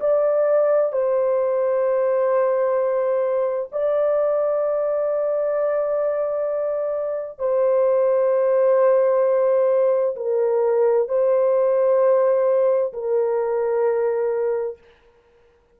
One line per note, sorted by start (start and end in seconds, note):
0.00 0.92 D5
0.92 3.69 C5
3.72 7.38 D5
7.38 10.15 C5
10.16 11.08 A#4
11.08 12.93 C5
12.93 14.78 A#4